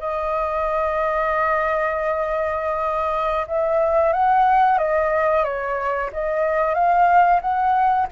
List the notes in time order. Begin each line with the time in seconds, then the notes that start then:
0.00 D#5
3.47 E5
4.13 F#5
4.78 D#5
5.44 C#5
6.13 D#5
6.75 F5
7.41 F#5